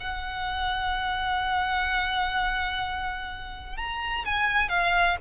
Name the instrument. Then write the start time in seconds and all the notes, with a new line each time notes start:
violin
0.00 F#5
3.77 A#5
4.25 G#5
4.69 F5